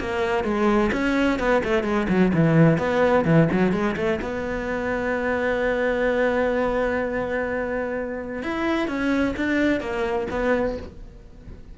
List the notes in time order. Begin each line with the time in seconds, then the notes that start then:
0.00 A#3
0.44 G#3
0.92 C#4
1.39 B3
1.64 A3
1.84 G#3
2.09 F#3
2.34 E3
2.78 B3
3.25 E3
3.52 F#3
3.72 G#3
3.97 A3
4.22 B3
8.43 E4
8.88 C#4
9.37 D4
9.81 A#3
10.30 B3